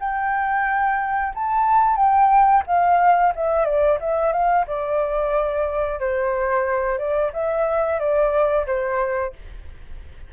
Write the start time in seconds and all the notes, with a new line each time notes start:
0.00 G5
1.35 A5
1.96 G5
2.67 F5
3.35 E5
3.65 D5
4.00 E5
4.32 F5
4.67 D5
6.00 C5
6.98 D5
7.33 E5
7.99 D5
8.66 C5